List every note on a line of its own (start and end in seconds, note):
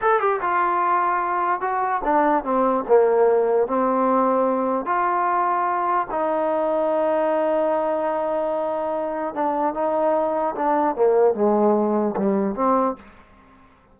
0.01 0.20 A4
0.20 0.40 G4
0.41 1.60 F4
1.60 2.01 F#4
2.04 2.43 D4
2.43 2.84 C4
2.88 3.67 A#3
3.67 4.85 C4
4.85 6.07 F4
6.10 9.34 D#4
9.34 9.74 D4
9.74 10.55 D#4
10.55 10.95 D4
10.95 11.34 A#3
11.34 12.15 G#3
12.16 12.55 G3
12.55 12.95 C4